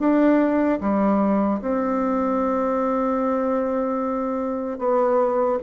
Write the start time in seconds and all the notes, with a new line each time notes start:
0.00 D4
0.81 G3
1.62 C4
4.79 B3